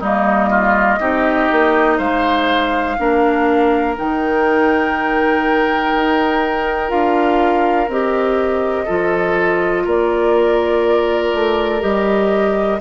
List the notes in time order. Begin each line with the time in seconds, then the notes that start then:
0.00 G3 A#3 D#4 D#5
0.50 F4
1.00 C4 D#4 G4
1.52 A#3
1.98 G#3 C5 F5
2.98 A#3 D4 A#4
3.96 D#3 D#4 G5
5.95 D#4
6.88 D4 F4 F5
7.88 C4 G4 D#5
8.85 F3 F4 A4
9.85 A#3 A#4 D5
11.33 A3
11.81 G3 G4 D#5